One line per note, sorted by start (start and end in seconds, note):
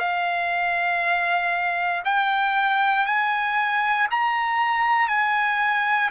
0.00 2.03 F5
2.05 3.06 G5
3.06 4.08 G#5
4.11 5.08 A#5
5.08 6.10 G#5